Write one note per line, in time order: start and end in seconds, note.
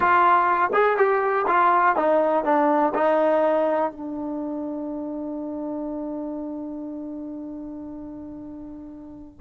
0.00 0.70 F4
0.73 0.97 G#4
0.97 1.46 G4
1.47 1.96 F4
1.96 2.44 D#4
2.44 2.93 D4
2.94 3.91 D#4
3.91 9.40 D4